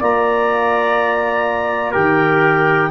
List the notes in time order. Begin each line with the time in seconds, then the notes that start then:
0.00 A#3 F4 D5 A#5
1.92 D#3 G4 A#4 G5